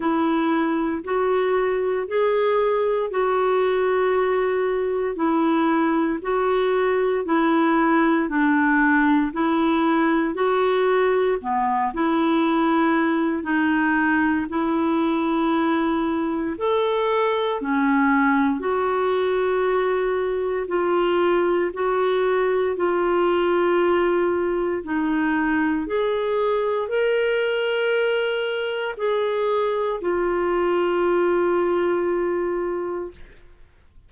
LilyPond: \new Staff \with { instrumentName = "clarinet" } { \time 4/4 \tempo 4 = 58 e'4 fis'4 gis'4 fis'4~ | fis'4 e'4 fis'4 e'4 | d'4 e'4 fis'4 b8 e'8~ | e'4 dis'4 e'2 |
a'4 cis'4 fis'2 | f'4 fis'4 f'2 | dis'4 gis'4 ais'2 | gis'4 f'2. | }